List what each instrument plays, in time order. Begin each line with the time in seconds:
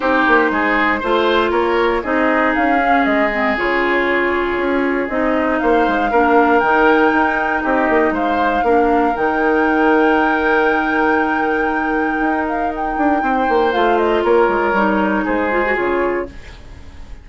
0.00 bassoon C4, clarinet D#4, oboe G4, flute C5
0.27 bassoon A#3
0.51 bassoon G#3, oboe G#4
1.00 bassoon A3, clarinet F4, oboe C5
1.50 bassoon A#3, oboe A#4, flute C#5
2.03 bassoon C4, clarinet D#4, oboe G#4, flute D#5
2.54 bassoon C#4, flute F5
2.78 clarinet C#4
3.04 bassoon G#3, flute D#5
3.32 clarinet C4
3.57 bassoon C#3, clarinet F4, flute C#5
4.56 bassoon C#4
5.08 bassoon C4, clarinet D#4, flute D#5
5.59 bassoon A#3, oboe C5, flute F5
5.87 bassoon G#3
6.10 bassoon A#3, clarinet D4, oboe A#4
6.59 bassoon D#3, clarinet D#4, flute G5
7.12 bassoon D#4
7.62 bassoon C4, oboe G4, flute D#5
7.89 bassoon A#3
8.10 bassoon G#3, oboe C5, flute F5
8.63 bassoon A#3, clarinet D4, oboe A#4
9.14 bassoon D#3, clarinet D#4, flute G5
12.19 bassoon D#4
12.47 flute F5
12.75 flute G5
12.97 bassoon D4
13.22 bassoon C4, oboe C5
13.48 bassoon A#3
13.72 bassoon A3, clarinet F4, flute F5
13.98 flute D#5
14.23 bassoon A#3, oboe A#4, flute C#5
14.48 bassoon G#3
14.73 bassoon G3, clarinet D#4
15.24 bassoon G#3, oboe G#4, flute C5
15.51 clarinet F4
15.65 clarinet F#4
15.75 bassoon C#3, clarinet F4, flute C#5